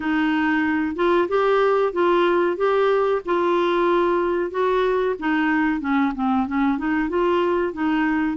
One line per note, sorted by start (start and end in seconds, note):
0.00 0.95 D#4
0.95 1.28 F4
1.28 1.92 G4
1.92 2.57 F4
2.57 3.21 G4
3.25 4.50 F4
4.50 5.15 F#4
5.19 5.80 D#4
5.80 6.12 C#4
6.15 6.47 C4
6.47 6.77 C#4
6.77 7.09 D#4
7.09 7.73 F4
7.73 8.37 D#4